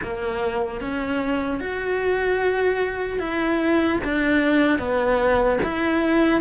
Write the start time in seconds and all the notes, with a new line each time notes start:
0.02 A#3
0.80 C#4
1.60 F#4
3.19 E4
4.04 D4
4.78 B3
5.63 E4